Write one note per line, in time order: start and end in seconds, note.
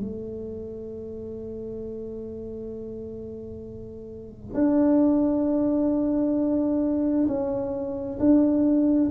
0.00 4.55 A3
4.55 7.27 D4
7.28 8.19 C#4
8.20 9.11 D4